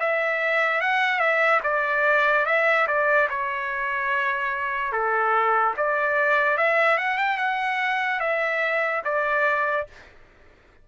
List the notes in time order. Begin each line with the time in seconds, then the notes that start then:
0.00 E5
0.81 F#5
1.20 E5
1.64 D5
2.46 E5
2.88 D5
3.30 C#5
4.92 A4
5.77 D5
6.58 E5
6.98 F#5
7.18 G5
7.38 F#5
8.20 E5
9.05 D5